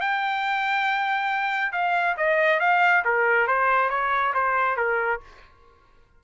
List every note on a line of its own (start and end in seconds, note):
0.00 1.72 G5
1.72 2.15 F5
2.17 2.59 D#5
2.59 3.03 F5
3.04 3.47 A#4
3.47 3.90 C5
3.90 4.33 C#5
4.34 4.76 C5
4.76 5.20 A#4